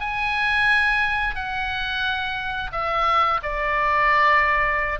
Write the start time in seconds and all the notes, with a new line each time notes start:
0.00 G#5
1.35 F#5
2.72 E5
3.43 D5